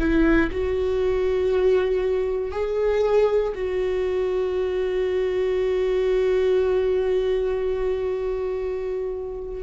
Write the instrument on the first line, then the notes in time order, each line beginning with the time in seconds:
viola
0.00 E4
0.52 F#4
2.52 G#4
3.55 F#4